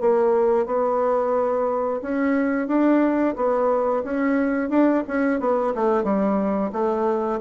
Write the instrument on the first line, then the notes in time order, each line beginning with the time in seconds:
bassoon
0.00 A#3
0.66 B3
2.02 C#4
2.68 D4
3.36 B3
4.04 C#4
4.69 D4
5.07 C#4
5.40 B3
5.75 A3
6.03 G3
6.72 A3